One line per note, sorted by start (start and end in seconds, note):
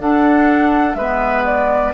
0.00 0.95 D4
0.00 0.99 D4
0.00 0.97 A4
0.00 0.94 F#5
0.94 1.92 G#3
0.94 1.94 B3
0.94 1.94 B4
0.94 1.43 E5
1.45 1.93 D5